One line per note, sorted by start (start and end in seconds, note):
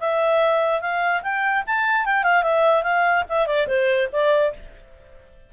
0.00 0.81 E5
0.81 1.22 F5
1.23 1.63 G5
1.67 2.05 A5
2.05 2.24 G5
2.24 2.43 F5
2.43 2.83 E5
2.83 3.24 F5
3.29 3.47 E5
3.47 3.67 D5
3.67 4.08 C5
4.12 4.53 D5